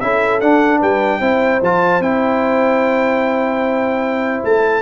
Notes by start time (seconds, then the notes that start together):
0.00 C#4 E4 A4 E5
0.41 D4 F#5
0.80 G3 B4 G5
1.20 C4 E4 C5
1.62 F3 F4 A5
2.00 C4 E4 G5
4.44 A3 A5